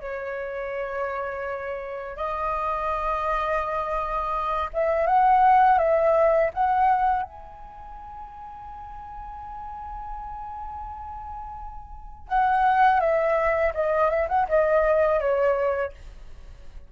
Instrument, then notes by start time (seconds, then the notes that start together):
flute
0.00 C#5
2.16 D#5
4.73 E5
5.06 F#5
5.78 E5
6.53 F#5
7.22 G#5
12.28 F#5
13.00 E5
13.74 D#5
14.10 E5
14.28 F#5
14.48 D#5
15.20 C#5